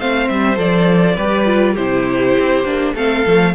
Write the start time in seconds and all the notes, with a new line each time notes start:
0.00 A3 C4 C5 F5
0.28 G3 E5
0.56 F3 A4 D5
1.16 G3 G4 B4
1.46 F4
1.74 C3 E4 G4 C5
2.38 C4
2.64 A#3 D4
2.95 A3 C4 A4 F5
3.26 F3 A3